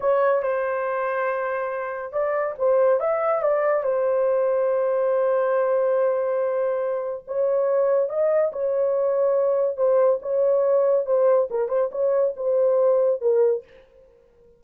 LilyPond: \new Staff \with { instrumentName = "horn" } { \time 4/4 \tempo 4 = 141 cis''4 c''2.~ | c''4 d''4 c''4 e''4 | d''4 c''2.~ | c''1~ |
c''4 cis''2 dis''4 | cis''2. c''4 | cis''2 c''4 ais'8 c''8 | cis''4 c''2 ais'4 | }